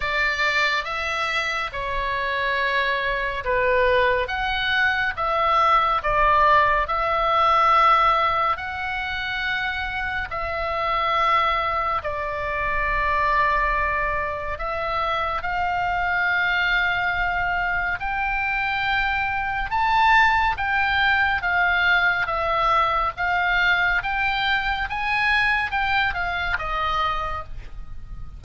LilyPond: \new Staff \with { instrumentName = "oboe" } { \time 4/4 \tempo 4 = 70 d''4 e''4 cis''2 | b'4 fis''4 e''4 d''4 | e''2 fis''2 | e''2 d''2~ |
d''4 e''4 f''2~ | f''4 g''2 a''4 | g''4 f''4 e''4 f''4 | g''4 gis''4 g''8 f''8 dis''4 | }